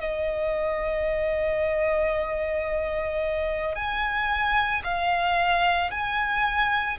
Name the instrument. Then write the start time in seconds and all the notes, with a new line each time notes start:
violin
0.00 D#5
3.75 G#5
4.84 F5
5.90 G#5